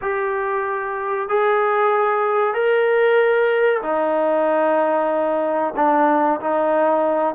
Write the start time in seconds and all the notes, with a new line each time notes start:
0.01 G4
1.29 G#4
2.54 A#4
3.82 D#4
5.76 D4
6.40 D#4